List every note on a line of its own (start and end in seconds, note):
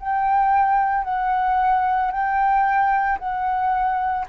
0.00 1.05 G5
1.05 2.11 F#5
2.11 3.19 G5
3.19 4.27 F#5